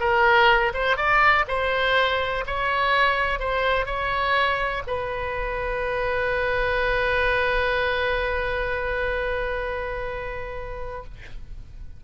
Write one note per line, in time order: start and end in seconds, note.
0.00 0.73 A#4
0.74 0.97 C5
0.97 1.45 D5
1.48 2.45 C5
2.47 3.39 C#5
3.39 3.86 C5
3.86 4.83 C#5
4.87 11.04 B4